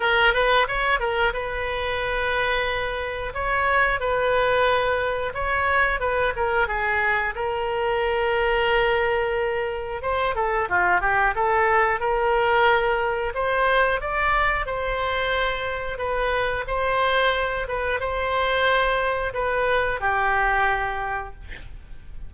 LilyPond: \new Staff \with { instrumentName = "oboe" } { \time 4/4 \tempo 4 = 90 ais'8 b'8 cis''8 ais'8 b'2~ | b'4 cis''4 b'2 | cis''4 b'8 ais'8 gis'4 ais'4~ | ais'2. c''8 a'8 |
f'8 g'8 a'4 ais'2 | c''4 d''4 c''2 | b'4 c''4. b'8 c''4~ | c''4 b'4 g'2 | }